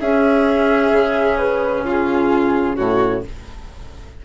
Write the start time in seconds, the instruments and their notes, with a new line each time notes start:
0.00 bassoon C#4, clarinet C#4, violin G#4, flute E5
0.92 bassoon C#3
1.38 flute B4
1.84 violin F4, flute G#4
2.76 bassoon A2, violin F#4, flute C#5